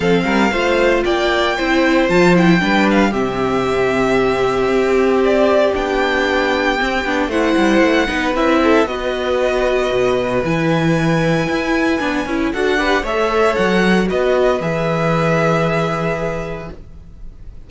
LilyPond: <<
  \new Staff \with { instrumentName = "violin" } { \time 4/4 \tempo 4 = 115 f''2 g''2 | a''8 g''4 f''8 e''2~ | e''2 d''4 g''4~ | g''2 fis''2 |
e''4 dis''2. | gis''1 | fis''4 e''4 fis''4 dis''4 | e''1 | }
  \new Staff \with { instrumentName = "violin" } { \time 4/4 a'8 ais'8 c''4 d''4 c''4~ | c''4 b'4 g'2~ | g'1~ | g'2 c''4. b'8~ |
b'8 a'8 b'2.~ | b'1 | a'8 b'8 cis''2 b'4~ | b'1 | }
  \new Staff \with { instrumentName = "viola" } { \time 4/4 c'4 f'2 e'4 | f'8 e'8 d'4 c'2~ | c'2. d'4~ | d'4 c'8 d'8 e'4. dis'8 |
e'4 fis'2. | e'2. d'8 e'8 | fis'8 g'8 a'2 fis'4 | gis'1 | }
  \new Staff \with { instrumentName = "cello" } { \time 4/4 f8 g8 a4 ais4 c'4 | f4 g4 c2~ | c4 c'2 b4~ | b4 c'8 b8 a8 g8 a8 b8 |
c'4 b2 b,4 | e2 e'4 b8 cis'8 | d'4 a4 fis4 b4 | e1 | }
>>